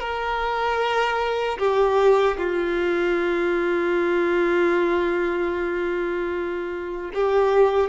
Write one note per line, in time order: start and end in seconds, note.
0.00 1.58 A#4
1.58 2.37 G4
2.38 7.11 F4
7.14 7.89 G4